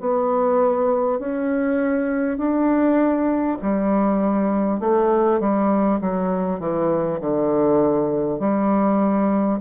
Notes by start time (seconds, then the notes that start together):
0.00 B3
1.19 C#4
2.38 D4
3.62 G3
4.81 A3
5.41 G3
6.01 F#3
6.60 E3
7.21 D3
8.40 G3